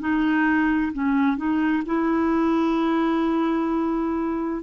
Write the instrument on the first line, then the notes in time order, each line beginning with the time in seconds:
clarinet
0.00 D#4
0.93 C#4
1.37 D#4
1.86 E4